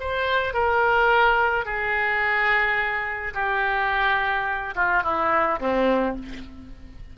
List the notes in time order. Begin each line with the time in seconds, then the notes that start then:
0.00 C5
0.53 A#4
1.65 G#4
3.34 G4
4.75 F4
5.03 E4
5.59 C4